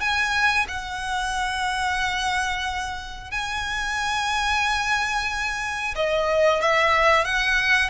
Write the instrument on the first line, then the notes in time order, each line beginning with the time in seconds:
violin
0.00 G#5
0.68 F#5
3.31 G#5
5.96 D#5
6.61 E5
7.24 F#5